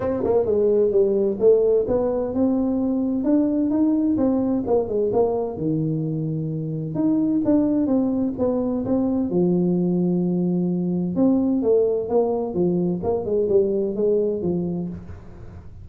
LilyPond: \new Staff \with { instrumentName = "tuba" } { \time 4/4 \tempo 4 = 129 c'8 ais8 gis4 g4 a4 | b4 c'2 d'4 | dis'4 c'4 ais8 gis8 ais4 | dis2. dis'4 |
d'4 c'4 b4 c'4 | f1 | c'4 a4 ais4 f4 | ais8 gis8 g4 gis4 f4 | }